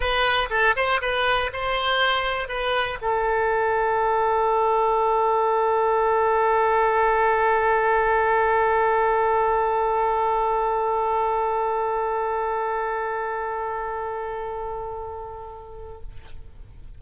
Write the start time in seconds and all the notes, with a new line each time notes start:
0.00 B4
0.50 A4
0.75 C5
1.01 B4
1.52 C5
2.48 B4
3.01 A4